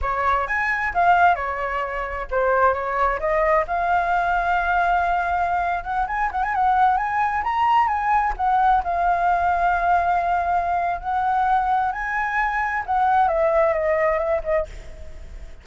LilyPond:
\new Staff \with { instrumentName = "flute" } { \time 4/4 \tempo 4 = 131 cis''4 gis''4 f''4 cis''4~ | cis''4 c''4 cis''4 dis''4 | f''1~ | f''8. fis''8 gis''8 fis''16 gis''16 fis''4 gis''8.~ |
gis''16 ais''4 gis''4 fis''4 f''8.~ | f''1 | fis''2 gis''2 | fis''4 e''4 dis''4 e''8 dis''8 | }